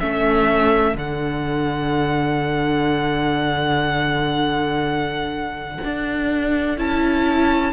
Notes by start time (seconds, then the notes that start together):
0.00 A3 C#4 A4 E5
0.95 D3 D4 F#5
5.85 D4
6.78 C#4 E4 A5